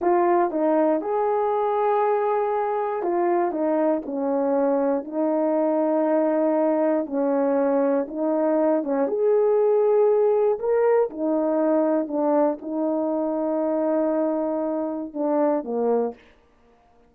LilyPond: \new Staff \with { instrumentName = "horn" } { \time 4/4 \tempo 4 = 119 f'4 dis'4 gis'2~ | gis'2 f'4 dis'4 | cis'2 dis'2~ | dis'2 cis'2 |
dis'4. cis'8 gis'2~ | gis'4 ais'4 dis'2 | d'4 dis'2.~ | dis'2 d'4 ais4 | }